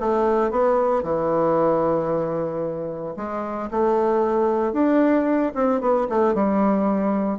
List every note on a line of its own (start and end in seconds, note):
0.00 0.51 A3
0.51 1.03 B3
1.03 3.15 E3
3.17 3.70 G#3
3.71 4.73 A3
4.73 5.52 D4
5.55 5.81 C4
5.81 6.07 B3
6.09 6.35 A3
6.35 7.39 G3